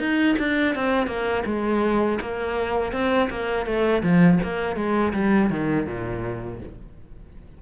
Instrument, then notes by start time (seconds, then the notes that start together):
cello
0.00 D#4
0.39 D4
0.75 C4
1.07 A#3
1.46 G#3
2.22 A#3
2.93 C4
3.31 A#3
3.66 A3
4.03 F3
4.44 A#3
4.76 G#3
5.14 G3
5.50 D#3
5.87 A#2